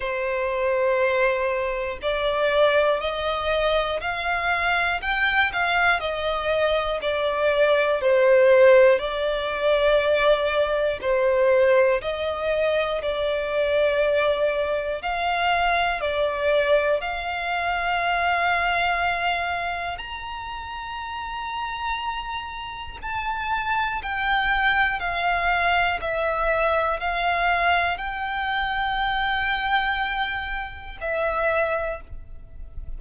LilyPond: \new Staff \with { instrumentName = "violin" } { \time 4/4 \tempo 4 = 60 c''2 d''4 dis''4 | f''4 g''8 f''8 dis''4 d''4 | c''4 d''2 c''4 | dis''4 d''2 f''4 |
d''4 f''2. | ais''2. a''4 | g''4 f''4 e''4 f''4 | g''2. e''4 | }